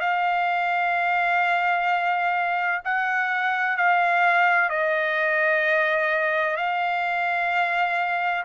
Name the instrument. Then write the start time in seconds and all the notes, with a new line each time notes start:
trumpet
0.00 F5
2.84 F#5
3.77 F5
4.69 D#5
6.56 F5